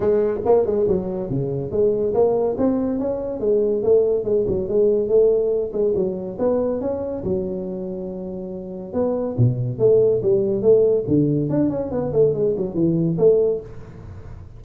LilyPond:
\new Staff \with { instrumentName = "tuba" } { \time 4/4 \tempo 4 = 141 gis4 ais8 gis8 fis4 cis4 | gis4 ais4 c'4 cis'4 | gis4 a4 gis8 fis8 gis4 | a4. gis8 fis4 b4 |
cis'4 fis2.~ | fis4 b4 b,4 a4 | g4 a4 d4 d'8 cis'8 | b8 a8 gis8 fis8 e4 a4 | }